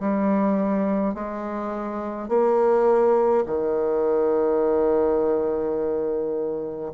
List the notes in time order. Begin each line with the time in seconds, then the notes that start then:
0.00 G3
1.15 G#3
2.29 A#3
3.47 D#3